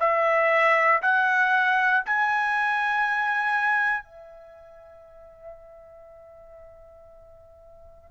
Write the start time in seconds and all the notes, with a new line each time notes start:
0.00 E5
1.02 F#5
2.06 G#5
4.04 E5